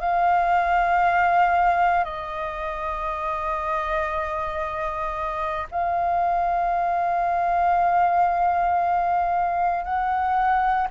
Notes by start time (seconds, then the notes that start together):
0.00 F5
2.05 D#5
5.71 F5
9.84 F#5